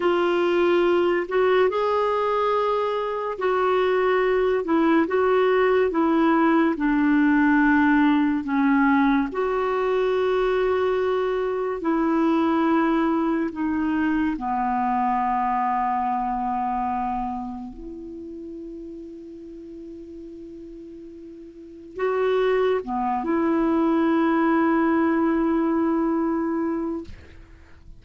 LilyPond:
\new Staff \with { instrumentName = "clarinet" } { \time 4/4 \tempo 4 = 71 f'4. fis'8 gis'2 | fis'4. e'8 fis'4 e'4 | d'2 cis'4 fis'4~ | fis'2 e'2 |
dis'4 b2.~ | b4 e'2.~ | e'2 fis'4 b8 e'8~ | e'1 | }